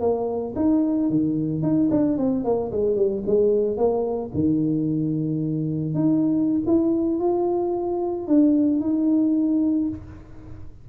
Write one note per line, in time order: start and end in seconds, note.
0.00 0.54 A#3
0.56 1.10 D#4
1.10 1.62 D#3
1.62 1.89 D#4
1.91 2.18 D4
2.18 2.44 C4
2.44 2.71 A#3
2.72 2.96 G#3
2.96 3.23 G3
3.26 3.77 G#3
3.77 4.31 A#3
4.34 5.94 D#3
5.94 6.62 D#4
6.66 7.19 E4
7.19 8.28 F4
8.28 8.80 D4
8.80 9.88 D#4